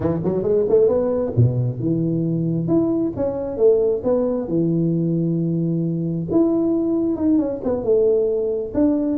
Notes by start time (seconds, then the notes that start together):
0.00 E3
0.24 F#3
0.42 G#3
0.68 A3
0.88 B3
1.36 B2
1.79 E3
2.67 E4
3.16 C#4
3.57 A3
4.03 B3
4.48 E3
6.31 E4
7.15 D#4
7.38 C#4
7.63 B3
7.83 A3
8.73 D4